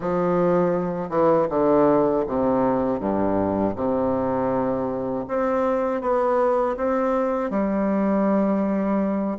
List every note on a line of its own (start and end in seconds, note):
0.00 1.09 F3
1.09 1.47 E3
1.49 2.24 D3
2.27 3.00 C3
3.00 3.75 G2
3.75 5.25 C3
5.27 6.01 C4
6.01 6.76 B3
6.77 7.50 C4
7.50 9.38 G3